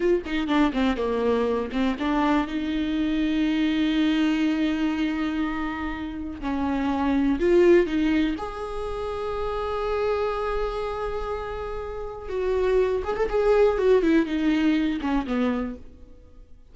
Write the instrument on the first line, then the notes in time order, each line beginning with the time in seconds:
viola
0.00 F4
0.25 D#4
0.47 D4
0.72 C4
0.96 A#3
1.71 C4
1.99 D4
2.47 D#4
6.40 C#4
7.39 F4
7.86 D#4
8.38 G#4
12.28 F#4
13.04 G#4
13.16 A4
13.29 G#4
13.78 F#4
14.02 E4
14.25 D#4
15.01 C#4
15.26 B3